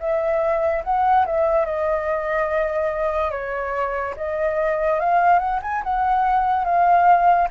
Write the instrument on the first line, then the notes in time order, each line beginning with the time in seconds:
flute
0.00 E5
0.84 F#5
1.26 E5
1.66 D#5
3.31 C#5
4.17 D#5
5.00 F5
5.39 F#5
5.62 G#5
5.83 F#5
6.65 F5